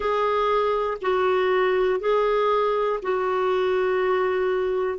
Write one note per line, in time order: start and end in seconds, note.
0.00 0.97 G#4
1.01 2.00 F#4
2.00 3.00 G#4
3.02 4.98 F#4